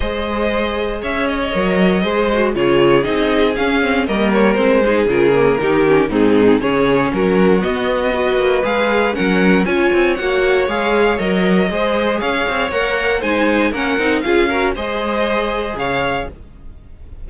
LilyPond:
<<
  \new Staff \with { instrumentName = "violin" } { \time 4/4 \tempo 4 = 118 dis''2 e''8 dis''4.~ | dis''4 cis''4 dis''4 f''4 | dis''8 cis''8 c''4 ais'2 | gis'4 cis''4 ais'4 dis''4~ |
dis''4 f''4 fis''4 gis''4 | fis''4 f''4 dis''2 | f''4 fis''4 gis''4 fis''4 | f''4 dis''2 f''4 | }
  \new Staff \with { instrumentName = "violin" } { \time 4/4 c''2 cis''2 | c''4 gis'2. | ais'4. gis'4. g'4 | dis'4 gis'4 fis'2 |
b'2 ais'4 cis''4~ | cis''2. c''4 | cis''2 c''4 ais'4 | gis'8 ais'8 c''2 cis''4 | }
  \new Staff \with { instrumentName = "viola" } { \time 4/4 gis'2. ais'4 | gis'8 fis'8 f'4 dis'4 cis'8 c'8 | ais4 c'8 dis'8 f'8 ais8 dis'8 cis'8 | c'4 cis'2 b4 |
fis'4 gis'4 cis'4 f'4 | fis'4 gis'4 ais'4 gis'4~ | gis'4 ais'4 dis'4 cis'8 dis'8 | f'8 fis'8 gis'2. | }
  \new Staff \with { instrumentName = "cello" } { \time 4/4 gis2 cis'4 fis4 | gis4 cis4 c'4 cis'4 | g4 gis4 cis4 dis4 | gis,4 cis4 fis4 b4~ |
b8 ais8 gis4 fis4 cis'8 c'8 | ais4 gis4 fis4 gis4 | cis'8 c'8 ais4 gis4 ais8 c'8 | cis'4 gis2 cis4 | }
>>